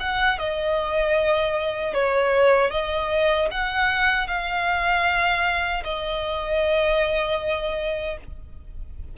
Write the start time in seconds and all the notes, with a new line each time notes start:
0.00 F#5
0.39 D#5
1.94 C#5
2.71 D#5
3.51 F#5
4.28 F5
5.84 D#5